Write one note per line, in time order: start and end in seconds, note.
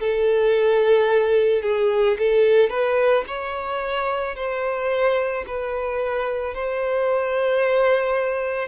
0.00 1.63 A4
1.63 2.17 G#4
2.19 2.70 A4
2.70 3.24 B4
3.27 4.36 C#5
4.36 5.45 C5
5.47 6.55 B4
6.55 8.68 C5